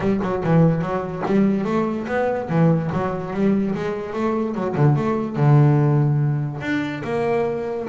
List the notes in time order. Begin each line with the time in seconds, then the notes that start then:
0.00 G3
0.22 F#3
0.43 E3
0.81 F#3
1.25 G3
1.64 A3
2.07 B3
2.49 E3
2.92 F#3
3.33 G3
3.74 G#3
4.13 A3
4.54 F#3
4.76 D3
4.96 A3
5.36 D3
6.60 D4
7.03 A#3